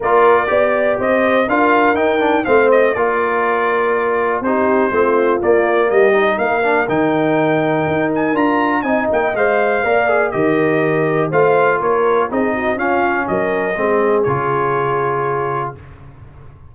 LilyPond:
<<
  \new Staff \with { instrumentName = "trumpet" } { \time 4/4 \tempo 4 = 122 d''2 dis''4 f''4 | g''4 f''8 dis''8 d''2~ | d''4 c''2 d''4 | dis''4 f''4 g''2~ |
g''8 gis''8 ais''4 gis''8 g''8 f''4~ | f''4 dis''2 f''4 | cis''4 dis''4 f''4 dis''4~ | dis''4 cis''2. | }
  \new Staff \with { instrumentName = "horn" } { \time 4/4 ais'4 d''4 c''4 ais'4~ | ais'4 c''4 ais'2~ | ais'4 g'4 f'2 | g'4 ais'2.~ |
ais'2 dis''2 | d''4 ais'2 c''4 | ais'4 gis'8 fis'8 f'4 ais'4 | gis'1 | }
  \new Staff \with { instrumentName = "trombone" } { \time 4/4 f'4 g'2 f'4 | dis'8 d'8 c'4 f'2~ | f'4 dis'4 c'4 ais4~ | ais8 dis'4 d'8 dis'2~ |
dis'4 f'4 dis'4 c''4 | ais'8 gis'8 g'2 f'4~ | f'4 dis'4 cis'2 | c'4 f'2. | }
  \new Staff \with { instrumentName = "tuba" } { \time 4/4 ais4 b4 c'4 d'4 | dis'4 a4 ais2~ | ais4 c'4 a4 ais4 | g4 ais4 dis2 |
dis'4 d'4 c'8 ais8 gis4 | ais4 dis2 a4 | ais4 c'4 cis'4 fis4 | gis4 cis2. | }
>>